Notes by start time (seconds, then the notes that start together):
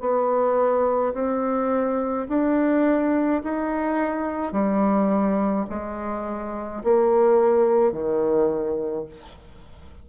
0.00 B3
1.14 C4
2.29 D4
3.44 D#4
4.53 G3
5.70 G#3
6.84 A#3
7.92 D#3